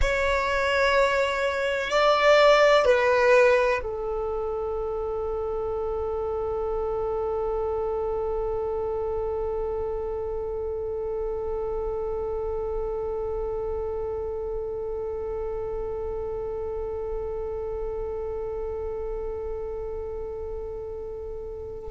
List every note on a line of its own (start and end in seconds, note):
0.01 1.90 C#5
1.90 2.85 D5
2.85 3.80 B4
3.82 21.91 A4